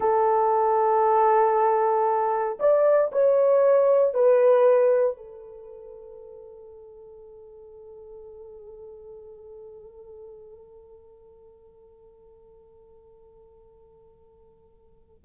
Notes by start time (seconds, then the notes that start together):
0.00 A4
2.59 D5
3.12 C#5
4.14 B4
5.16 A4